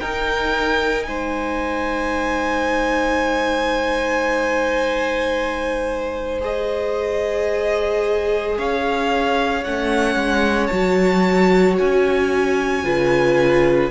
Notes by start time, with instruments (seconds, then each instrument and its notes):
0.00 viola D#4, cello D#4, violin A#4 G5
1.03 cello G#3, violin C5 G#5
6.41 viola G#4, violin D#5
8.58 cello C#4, violin C#5 F5
9.64 cello A3, viola C#4, violin F#5
10.16 cello G#3
10.67 cello F#3, viola F#4, violin A5
11.78 cello C#4, violin G#5
12.83 cello C#3, viola F4, violin B4